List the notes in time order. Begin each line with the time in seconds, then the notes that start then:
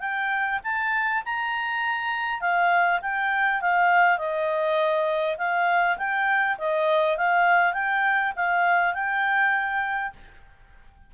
0.00 G5
0.63 A5
1.25 A#5
2.41 F5
3.01 G5
3.61 F5
4.18 D#5
5.37 F5
5.98 G5
6.58 D#5
7.17 F5
7.73 G5
8.36 F5
8.94 G5